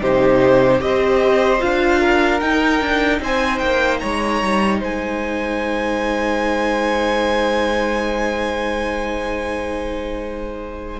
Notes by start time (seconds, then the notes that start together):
0.00 C3 D#4 G4 C5
0.79 C4 G4 C5 D#5
1.59 D4 F4 F5
2.00 A#4
2.40 D#4 G5
2.80 D4
3.20 C4 C5 G#5
3.58 A#3 G5
3.99 G#3 C#5 A#5
4.41 G3
4.80 G#3 C5 G#5